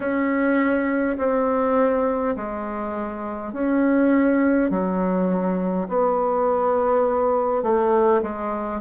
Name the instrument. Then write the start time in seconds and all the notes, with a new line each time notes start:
bassoon
0.00 C#4
1.18 C4
2.35 G#3
3.52 C#4
4.70 F#3
5.88 B3
7.62 A3
8.22 G#3